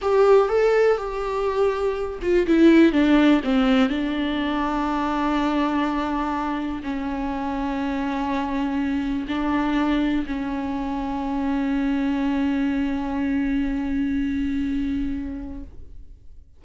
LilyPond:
\new Staff \with { instrumentName = "viola" } { \time 4/4 \tempo 4 = 123 g'4 a'4 g'2~ | g'8 f'8 e'4 d'4 c'4 | d'1~ | d'2 cis'2~ |
cis'2. d'4~ | d'4 cis'2.~ | cis'1~ | cis'1 | }